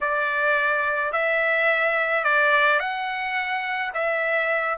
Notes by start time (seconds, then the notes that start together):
0.01 D5
1.12 E5
2.24 D5
2.79 F#5
3.94 E5